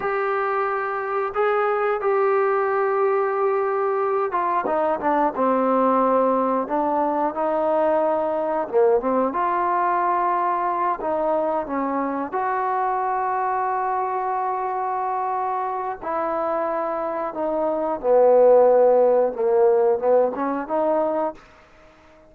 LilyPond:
\new Staff \with { instrumentName = "trombone" } { \time 4/4 \tempo 4 = 90 g'2 gis'4 g'4~ | g'2~ g'8 f'8 dis'8 d'8 | c'2 d'4 dis'4~ | dis'4 ais8 c'8 f'2~ |
f'8 dis'4 cis'4 fis'4.~ | fis'1 | e'2 dis'4 b4~ | b4 ais4 b8 cis'8 dis'4 | }